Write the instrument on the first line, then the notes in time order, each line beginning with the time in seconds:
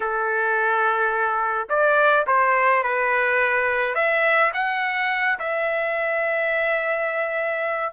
trumpet
0.00 A4
1.69 D5
2.26 C5
2.83 B4
3.94 E5
4.53 F#5
5.39 E5